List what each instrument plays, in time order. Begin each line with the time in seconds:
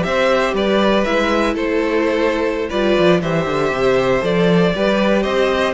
0.00 viola G4, violin C5 E5
0.06 cello C4
0.54 cello G3, violin B4 D5
1.05 cello G#3, viola E4, violin E5
1.54 cello A3, violin A4 C5
2.69 cello G3, viola F4, violin B4 D5
2.99 cello F3
3.22 cello E3, viola G4, violin C5 E5
3.46 cello D3
3.71 cello C3
4.21 cello F3, viola A4, violin D5
4.75 cello G3, viola G4, violin B4
5.23 cello C4, violin C5 D#5